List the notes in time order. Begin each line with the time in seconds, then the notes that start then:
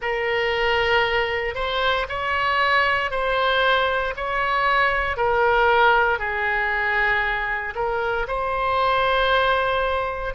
0.01 A#4
1.54 C5
2.08 C#5
3.10 C5
4.16 C#5
5.17 A#4
6.18 G#4
7.75 A#4
8.27 C5